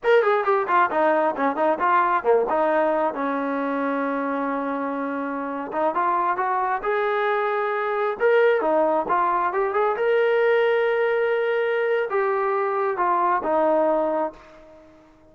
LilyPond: \new Staff \with { instrumentName = "trombone" } { \time 4/4 \tempo 4 = 134 ais'8 gis'8 g'8 f'8 dis'4 cis'8 dis'8 | f'4 ais8 dis'4. cis'4~ | cis'1~ | cis'8. dis'8 f'4 fis'4 gis'8.~ |
gis'2~ gis'16 ais'4 dis'8.~ | dis'16 f'4 g'8 gis'8 ais'4.~ ais'16~ | ais'2. g'4~ | g'4 f'4 dis'2 | }